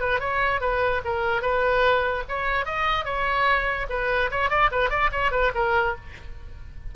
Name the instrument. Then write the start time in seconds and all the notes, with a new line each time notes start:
oboe
0.00 B4
0.20 C#5
0.60 B4
1.04 A#4
1.42 B4
2.28 C#5
2.65 D#5
3.05 C#5
3.89 B4
4.31 C#5
4.50 D5
4.71 B4
4.90 D5
5.12 C#5
5.31 B4
5.54 A#4